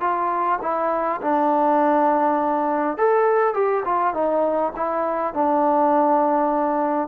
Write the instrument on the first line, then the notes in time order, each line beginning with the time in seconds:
trombone
0.00 F4
0.61 E4
1.21 D4
2.97 A4
3.54 G4
3.85 F4
4.14 D#4
4.76 E4
5.34 D4